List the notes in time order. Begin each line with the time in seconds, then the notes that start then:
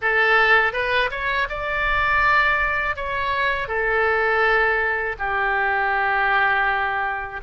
0.01 A4
0.72 B4
1.10 C#5
1.49 D5
2.96 C#5
3.68 A4
5.18 G4